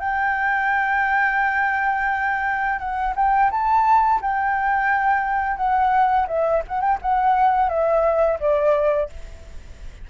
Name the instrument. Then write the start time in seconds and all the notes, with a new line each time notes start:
flute
0.00 G5
2.79 F#5
3.16 G5
3.51 A5
4.22 G5
5.57 F#5
6.28 E5
6.68 F#5
6.81 G5
7.02 F#5
7.69 E5
8.40 D5